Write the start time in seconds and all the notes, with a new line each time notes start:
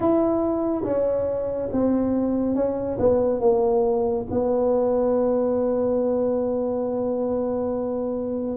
0.00 E4
0.83 C#4
1.71 C4
2.55 C#4
2.99 B3
3.40 A#3
4.31 B3